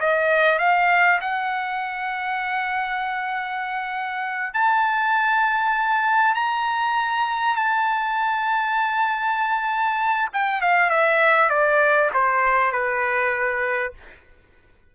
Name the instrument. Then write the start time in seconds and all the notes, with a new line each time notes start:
trumpet
0.00 D#5
0.59 F5
1.21 F#5
4.54 A5
6.35 A#5
7.56 A5
10.33 G5
10.61 F5
10.90 E5
11.50 D5
12.14 C5
12.72 B4